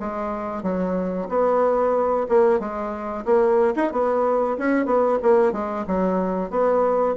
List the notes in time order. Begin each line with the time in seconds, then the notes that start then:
0.00 G#3
0.63 F#3
1.29 B3
2.29 A#3
2.60 G#3
3.26 A#3
3.76 D#4
3.93 B3
4.59 C#4
4.86 B3
5.23 A#3
5.53 G#3
5.88 F#3
6.51 B3